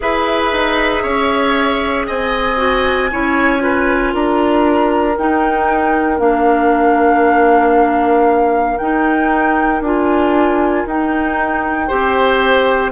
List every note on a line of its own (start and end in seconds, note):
0.00 0.52 E4
0.00 2.56 G#4
0.00 1.02 B4
0.00 2.06 E5
0.52 1.04 D#4
1.02 2.07 C#4
1.02 2.06 C#5
2.06 3.11 C4
2.06 3.10 D#5
2.06 4.13 G#5
2.56 3.08 F#4
3.11 4.14 C#4
3.11 3.58 E4
3.11 3.62 C#5
3.58 5.14 F4
3.58 4.13 B4
4.13 5.17 D4
4.13 11.87 A#4
4.13 5.17 A#5
5.17 6.19 D#4
5.17 6.18 D#4
5.17 6.19 G5
6.18 8.78 A#3
6.18 8.76 D4
6.18 8.77 F5
8.77 9.84 D#4
8.77 9.81 D#4
8.77 9.81 G5
9.81 10.84 D4
9.81 10.87 F4
9.81 10.87 G#5
10.86 11.89 D#4
10.86 11.88 D#4
10.86 12.91 G5
11.87 12.91 C4
11.87 12.91 G4
11.87 12.91 C5